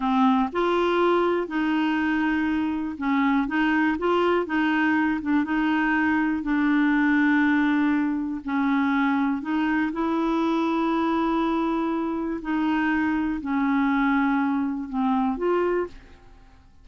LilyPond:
\new Staff \with { instrumentName = "clarinet" } { \time 4/4 \tempo 4 = 121 c'4 f'2 dis'4~ | dis'2 cis'4 dis'4 | f'4 dis'4. d'8 dis'4~ | dis'4 d'2.~ |
d'4 cis'2 dis'4 | e'1~ | e'4 dis'2 cis'4~ | cis'2 c'4 f'4 | }